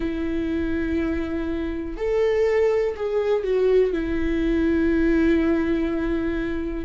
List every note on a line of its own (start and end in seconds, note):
0.00 1.97 E4
1.97 2.95 A4
2.96 3.43 G#4
3.43 3.92 F#4
3.92 6.85 E4